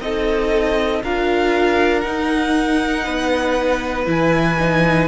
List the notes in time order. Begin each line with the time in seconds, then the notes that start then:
0.00 C4 D#4 A4 D#5
1.03 D4 F4 A#4 F5
2.01 D#4 F#5
3.04 B3 B4
4.06 E3 E4 G#5
4.59 D#4